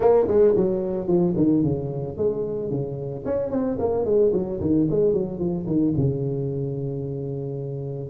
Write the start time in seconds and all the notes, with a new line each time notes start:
0.00 A#3
0.27 G#3
0.56 F#3
1.07 F3
1.36 D#3
1.63 C#3
2.17 G#3
2.70 C#3
3.25 C#4
3.50 C4
3.79 A#3
4.04 G#3
4.32 F#3
4.60 D#3
4.90 G#3
5.13 F#3
5.39 F3
5.66 D#3
5.96 C#3